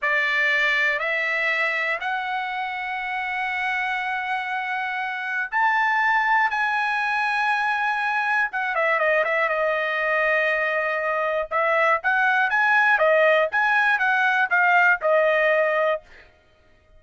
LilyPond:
\new Staff \with { instrumentName = "trumpet" } { \time 4/4 \tempo 4 = 120 d''2 e''2 | fis''1~ | fis''2. a''4~ | a''4 gis''2.~ |
gis''4 fis''8 e''8 dis''8 e''8 dis''4~ | dis''2. e''4 | fis''4 gis''4 dis''4 gis''4 | fis''4 f''4 dis''2 | }